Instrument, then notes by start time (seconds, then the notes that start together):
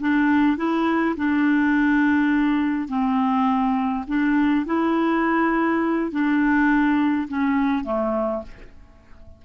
clarinet
0.00 D4
0.57 E4
1.16 D4
2.88 C4
4.07 D4
4.65 E4
6.11 D4
7.28 C#4
7.84 A3